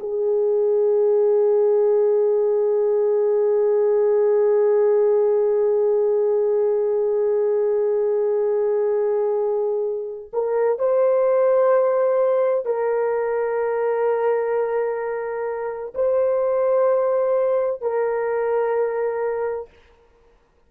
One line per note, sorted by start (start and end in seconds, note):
0.00 10.31 G#4
10.33 10.79 A#4
10.79 12.66 C5
12.66 15.94 A#4
15.95 17.82 C5
17.82 19.69 A#4